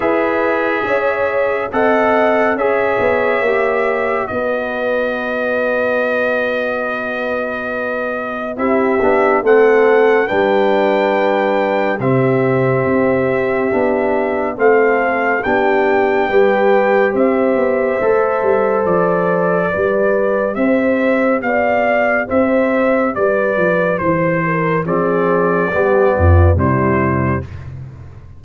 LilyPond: <<
  \new Staff \with { instrumentName = "trumpet" } { \time 4/4 \tempo 4 = 70 e''2 fis''4 e''4~ | e''4 dis''2.~ | dis''2 e''4 fis''4 | g''2 e''2~ |
e''4 f''4 g''2 | e''2 d''2 | e''4 f''4 e''4 d''4 | c''4 d''2 c''4 | }
  \new Staff \with { instrumentName = "horn" } { \time 4/4 b'4 cis''4 dis''4 cis''4~ | cis''4 b'2.~ | b'2 g'4 a'4 | b'2 g'2~ |
g'4 a'4 g'4 b'4 | c''2. b'4 | c''4 d''4 c''4 b'4 | c''8 ais'8 gis'4 g'8 f'8 e'4 | }
  \new Staff \with { instrumentName = "trombone" } { \time 4/4 gis'2 a'4 gis'4 | g'4 fis'2.~ | fis'2 e'8 d'8 c'4 | d'2 c'2 |
d'4 c'4 d'4 g'4~ | g'4 a'2 g'4~ | g'1~ | g'4 c'4 b4 g4 | }
  \new Staff \with { instrumentName = "tuba" } { \time 4/4 e'4 cis'4 c'4 cis'8 b8 | ais4 b2.~ | b2 c'8 b8 a4 | g2 c4 c'4 |
b4 a4 b4 g4 | c'8 b8 a8 g8 f4 g4 | c'4 b4 c'4 g8 f8 | e4 f4 g8 f,8 c4 | }
>>